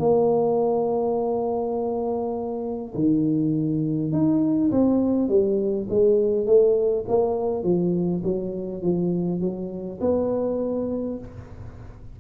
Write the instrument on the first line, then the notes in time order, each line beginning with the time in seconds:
tuba
0.00 A#3
2.95 D#3
4.13 D#4
4.72 C4
5.29 G3
5.90 G#3
6.47 A3
7.09 A#3
7.64 F3
8.24 F#3
8.83 F3
9.41 F#3
10.01 B3